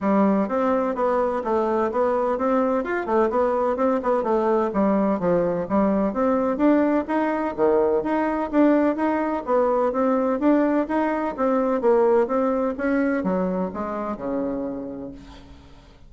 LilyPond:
\new Staff \with { instrumentName = "bassoon" } { \time 4/4 \tempo 4 = 127 g4 c'4 b4 a4 | b4 c'4 f'8 a8 b4 | c'8 b8 a4 g4 f4 | g4 c'4 d'4 dis'4 |
dis4 dis'4 d'4 dis'4 | b4 c'4 d'4 dis'4 | c'4 ais4 c'4 cis'4 | fis4 gis4 cis2 | }